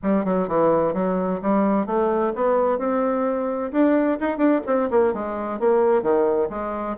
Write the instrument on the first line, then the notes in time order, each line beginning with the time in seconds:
bassoon
0.02 G3
0.24 F#3
0.48 E3
0.93 F#3
1.42 G3
1.86 A3
2.35 B3
2.78 C4
3.71 D4
4.20 D#4
4.37 D4
4.66 C4
4.90 A#3
5.13 G#3
5.59 A#3
6.02 D#3
6.49 G#3